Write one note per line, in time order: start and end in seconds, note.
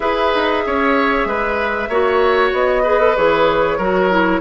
0.00 0.31 E4
0.00 1.87 G#4
0.00 0.63 B4
0.00 2.50 E5
0.34 0.66 D#4
0.66 1.25 C#4
0.66 1.28 C#5
1.25 1.88 G#3
1.25 1.89 B4
1.88 2.52 A#3
1.88 2.84 F#4
1.88 2.82 C#5
2.52 3.15 B3
2.52 3.16 D#5
2.82 2.99 G#4
2.82 3.77 B4
2.99 3.15 A4
3.16 3.78 E3
3.16 3.79 G#4
3.16 4.41 C#5
3.77 4.41 F#3
3.77 4.10 F#4
3.77 4.40 A#4
4.10 4.41 E4